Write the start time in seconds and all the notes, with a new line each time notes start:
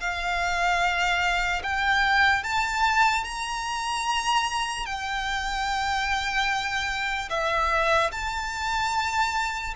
0.00 F5
1.63 G5
2.43 A5
3.24 A#5
4.85 G5
7.30 E5
8.12 A5